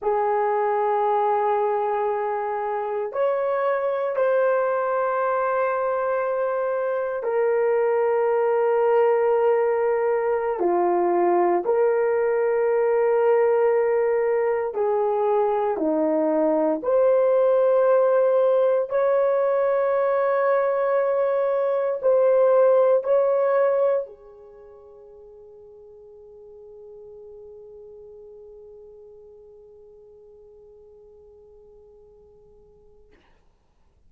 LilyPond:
\new Staff \with { instrumentName = "horn" } { \time 4/4 \tempo 4 = 58 gis'2. cis''4 | c''2. ais'4~ | ais'2~ ais'16 f'4 ais'8.~ | ais'2~ ais'16 gis'4 dis'8.~ |
dis'16 c''2 cis''4.~ cis''16~ | cis''4~ cis''16 c''4 cis''4 gis'8.~ | gis'1~ | gis'1 | }